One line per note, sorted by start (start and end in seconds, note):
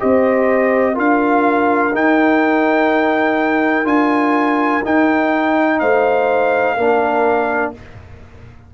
0.00 0.98 C4
0.00 0.95 G4
0.00 0.94 C5
0.00 0.97 D#5
0.94 1.94 D4
0.94 1.92 F4
0.94 5.78 A#4
0.94 1.96 F5
1.94 3.84 D#4
1.94 3.85 D#4
1.94 3.87 G5
3.84 4.81 D4
3.84 4.82 F4
3.84 4.84 G#5
4.84 6.78 D#4
4.84 5.81 D#4
4.84 5.80 G5
5.80 6.78 A3
5.80 6.77 C5
5.80 7.73 F5
6.77 7.74 A#3
6.77 7.75 D4
6.77 7.74 A#4